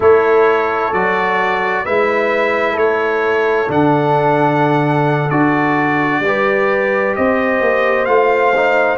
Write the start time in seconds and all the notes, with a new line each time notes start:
0.00 A3 E4 A4 C#5
0.92 F#3 F#4 D5
1.84 G#3 E4 B4 E5
2.73 A3 A4 C#5
3.67 D3 D4 F#5
5.30 D4 F#4 D5
6.20 G3
6.26 G4 B4
7.15 C4 C5 D#5
7.60 A#3
8.05 A3 F4 F5
8.55 D#4